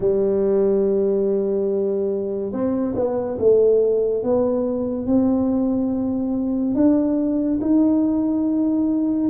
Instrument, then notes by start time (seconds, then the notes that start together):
tuba
0.00 G3
2.52 C4
2.95 B3
3.38 A3
4.23 B3
5.06 C4
6.74 D4
7.61 D#4